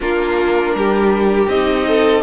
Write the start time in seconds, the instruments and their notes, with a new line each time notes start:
0.00 cello A#3, viola D4, violin F4 A#4
0.74 cello G3, violin G4
1.47 cello C4, viola D#4, violin D#5
1.87 violin A4